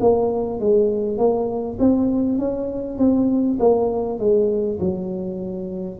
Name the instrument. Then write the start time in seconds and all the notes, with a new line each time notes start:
tuba
0.00 A#3
0.60 G#3
1.18 A#3
1.79 C4
2.38 C#4
2.98 C4
3.59 A#3
4.19 G#3
4.79 F#3